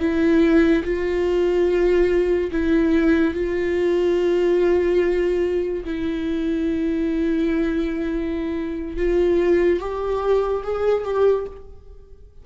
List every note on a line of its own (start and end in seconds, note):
0.00 0.83 E4
0.84 2.50 F4
2.52 3.34 E4
3.34 5.84 F4
5.84 8.97 E4
8.97 9.80 F4
9.80 10.63 G4
10.64 11.05 G#4
11.05 11.46 G4